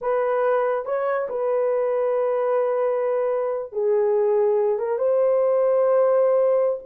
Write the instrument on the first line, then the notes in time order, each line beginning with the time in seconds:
horn
0.01 B4
0.85 C#5
1.29 B4
3.72 G#4
4.79 A#4
4.98 C5